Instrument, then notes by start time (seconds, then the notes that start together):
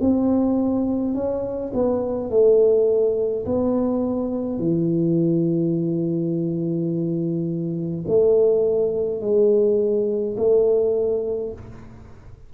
tuba
0.00 C4
1.14 C#4
1.73 B3
2.29 A3
3.45 B3
4.58 E3
8.07 A3
9.20 G#3
10.37 A3